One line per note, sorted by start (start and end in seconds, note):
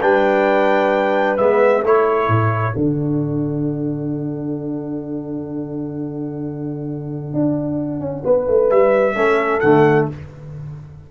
0.00 1.39 G3
0.00 1.38 D4
0.00 1.82 B4
0.00 1.37 G5
1.37 1.83 G#3
1.37 1.83 B3
1.37 1.83 E5
1.82 2.28 A3
1.82 2.73 E4
1.82 8.23 A4
1.82 2.77 C#5
2.28 2.74 A2
2.73 7.33 D3
2.73 9.15 D4
2.73 8.70 F#5
7.33 8.00 D4
8.00 8.23 C#4
8.24 8.48 B3
8.24 9.16 B4
8.48 8.71 A3
8.70 9.15 G3
8.70 9.60 E5
9.15 9.61 A3
9.15 9.60 C#4
9.15 10.08 A4
9.60 10.09 D3
9.60 10.11 A3
9.60 10.06 F#5